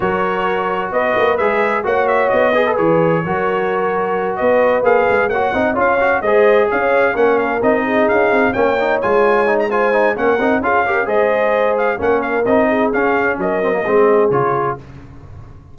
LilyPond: <<
  \new Staff \with { instrumentName = "trumpet" } { \time 4/4 \tempo 4 = 130 cis''2 dis''4 e''4 | fis''8 e''8 dis''4 cis''2~ | cis''4. dis''4 f''4 fis''8~ | fis''8 f''4 dis''4 f''4 fis''8 |
f''8 dis''4 f''4 g''4 gis''8~ | gis''8. ais''16 gis''4 fis''4 f''4 | dis''4. f''8 fis''8 f''8 dis''4 | f''4 dis''2 cis''4 | }
  \new Staff \with { instrumentName = "horn" } { \time 4/4 ais'2 b'2 | cis''4. b'4. ais'4~ | ais'4. b'2 cis''8 | dis''8 cis''4 c''4 cis''4 ais'8~ |
ais'4 gis'4. cis''4.~ | cis''4 c''4 ais'4 gis'8 ais'8 | c''2 ais'4. gis'8~ | gis'4 ais'4 gis'2 | }
  \new Staff \with { instrumentName = "trombone" } { \time 4/4 fis'2. gis'4 | fis'4. gis'16 a'16 gis'4 fis'4~ | fis'2~ fis'8 gis'4 fis'8 | dis'8 f'8 fis'8 gis'2 cis'8~ |
cis'8 dis'2 cis'8 dis'8 f'8~ | f'8 dis'8 f'8 dis'8 cis'8 dis'8 f'8 g'8 | gis'2 cis'4 dis'4 | cis'4. c'16 ais16 c'4 f'4 | }
  \new Staff \with { instrumentName = "tuba" } { \time 4/4 fis2 b8 ais8 gis4 | ais4 b4 e4 fis4~ | fis4. b4 ais8 gis8 ais8 | c'8 cis'4 gis4 cis'4 ais8~ |
ais8 c'4 cis'8 c'8 ais4 gis8~ | gis2 ais8 c'8 cis'4 | gis2 ais4 c'4 | cis'4 fis4 gis4 cis4 | }
>>